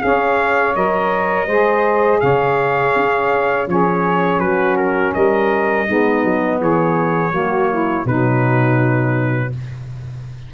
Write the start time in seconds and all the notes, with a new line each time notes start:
0.00 C#4 G#4 C#5 F5
0.75 F#3 A#4 D#5
1.46 G#3 G#4 C5
2.20 C#3 C#5 F5
2.96 C#4
3.67 F3 C#4 G#4 C#5
4.39 F#3 F#4 B4
4.77 A#4
5.14 G3 A#4 D#5
5.86 G#3 B3 D#4
6.24 F#3
6.59 E3 G#4 C#5
7.31 F#3 A#3 F#4
7.71 E4
8.05 B2 F#3 D#4 B4